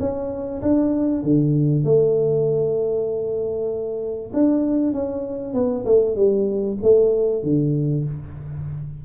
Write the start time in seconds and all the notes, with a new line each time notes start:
0.00 C#4
0.62 D4
1.23 D3
1.84 A3
4.34 D4
4.93 C#4
5.54 B3
5.86 A3
6.16 G3
6.82 A3
7.43 D3